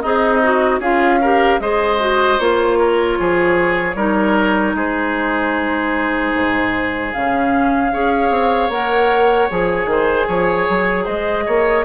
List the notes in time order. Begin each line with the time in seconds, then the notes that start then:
0.00 C4 D#4 G#4 D#5
0.42 F#4
0.79 C#4 F4 G#4 F5
1.20 G4 A#4
1.59 G#3 G#4 C5 D#5
1.99 F#4
2.39 A#3 F4 C#5
2.78 A#4
3.19 F3 G#4
3.94 G3 D#4 A#4
4.74 G#3 G#4 C5
6.34 G#2
7.12 C#3 C#4 F5
7.92 C#4 G#4 C#5
8.30 C4
8.69 A#3 A#4 F#5
9.50 F3 G#4 G#5
9.85 D#3 C5
10.27 F3 C#5
10.69 F#3
11.04 G#3 C5 D#5
11.45 A#3 C#5